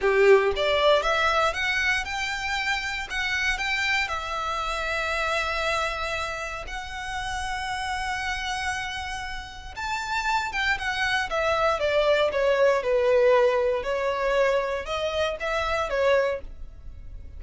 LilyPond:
\new Staff \with { instrumentName = "violin" } { \time 4/4 \tempo 4 = 117 g'4 d''4 e''4 fis''4 | g''2 fis''4 g''4 | e''1~ | e''4 fis''2.~ |
fis''2. a''4~ | a''8 g''8 fis''4 e''4 d''4 | cis''4 b'2 cis''4~ | cis''4 dis''4 e''4 cis''4 | }